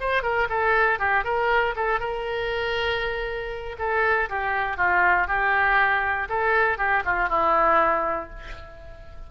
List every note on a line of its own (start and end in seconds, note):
0.00 0.23 C5
0.23 0.48 A#4
0.49 0.99 A4
0.99 1.24 G4
1.24 1.75 A#4
1.76 2.00 A4
2.00 3.76 A#4
3.78 4.29 A4
4.29 4.77 G4
4.77 5.27 F4
5.27 6.28 G4
6.29 6.78 A4
6.78 7.03 G4
7.05 7.29 F4
7.29 8.30 E4